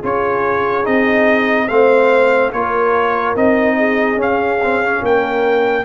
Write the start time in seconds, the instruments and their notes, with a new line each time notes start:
0.00 tuba C#4, trombone F4, horn G#4, trumpet C#5
0.84 tuba C4, trombone D#4, trumpet D#5
1.68 tuba A3, trombone C4, horn C5, trumpet F5
2.52 tuba A#3, trombone F4, horn A#4, trumpet C#5
3.35 tuba C4, trombone D#4, trumpet D#5
3.77 horn G#4
4.16 tuba C#4, trombone C#4, trumpet F5
4.63 trombone C4
4.83 trombone C#4
5.02 tuba A#3, horn A#4, trumpet G5